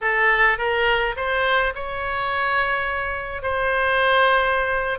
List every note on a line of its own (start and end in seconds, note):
0.01 0.58 A4
0.58 1.15 A#4
1.16 1.73 C5
1.74 3.42 C#5
3.42 4.98 C5